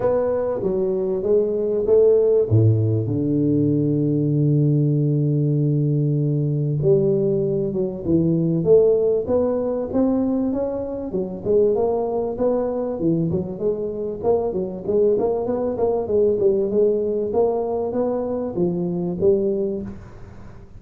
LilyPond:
\new Staff \with { instrumentName = "tuba" } { \time 4/4 \tempo 4 = 97 b4 fis4 gis4 a4 | a,4 d2.~ | d2. g4~ | g8 fis8 e4 a4 b4 |
c'4 cis'4 fis8 gis8 ais4 | b4 e8 fis8 gis4 ais8 fis8 | gis8 ais8 b8 ais8 gis8 g8 gis4 | ais4 b4 f4 g4 | }